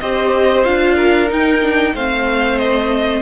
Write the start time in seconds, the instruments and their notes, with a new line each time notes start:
0.00 cello C4, viola G4, violin C5 D#5
0.64 cello D4, viola F4, violin F5
0.96 violin A#4
1.28 viola D#4, cello D#4, violin G5
1.62 viola D4
1.94 cello A3, viola C4, violin C5 F5
2.58 violin D#5